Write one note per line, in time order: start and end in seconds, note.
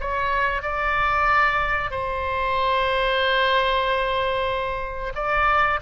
0.00 0.62 C#5
0.62 1.90 D5
1.90 5.13 C5
5.15 5.79 D5